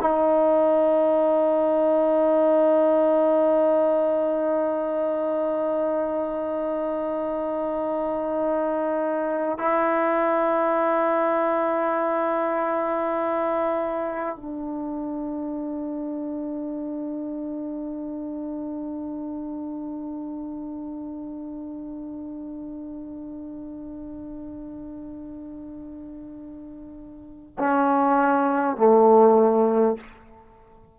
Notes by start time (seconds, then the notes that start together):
0.00 D#4
9.58 E4
14.36 D4
27.58 C#4
28.77 A3